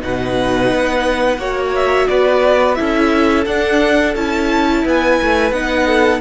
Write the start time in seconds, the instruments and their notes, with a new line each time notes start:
0.00 cello B2, viola D#4, violin B4 F#5
0.71 cello B3
1.37 cello A#3, viola F#4, violin C#5
1.75 violin E5
2.08 cello B3, violin B4 D5
2.75 cello C#4, viola E4, violin A4 E5
3.45 cello D4, viola D4, violin F#5
4.15 cello C#4, viola E4, violin A5
4.83 cello B3, violin B4 G#5
5.21 cello A3
5.51 cello B3, viola D#4, violin F#5
5.86 violin A4